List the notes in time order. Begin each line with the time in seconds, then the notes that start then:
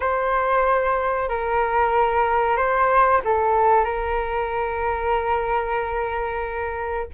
0.00 C5
1.28 A#4
2.56 C5
3.24 A4
3.84 A#4